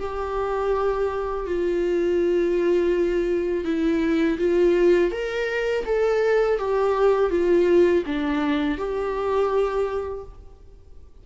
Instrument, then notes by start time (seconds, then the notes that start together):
viola
0.00 G4
1.47 F4
3.65 E4
4.38 F4
5.12 A#4
5.86 A4
6.59 G4
7.30 F4
8.06 D4
8.78 G4